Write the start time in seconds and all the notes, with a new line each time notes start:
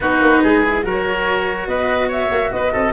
0.00 B3 D#4 F#4 B4
0.20 A#3
0.43 G#3 G#4
0.64 E4
0.83 F#3 F#4 A#4 C#5
1.67 B3 B4 D#5
2.07 C#5 E5
2.30 A#3
2.51 B3 B4 D#5
2.72 C4 A4